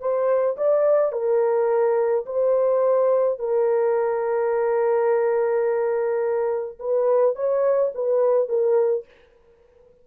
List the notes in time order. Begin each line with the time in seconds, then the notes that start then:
0.00 C5
0.57 D5
1.12 A#4
2.26 C5
3.39 A#4
6.80 B4
7.35 C#5
7.95 B4
8.48 A#4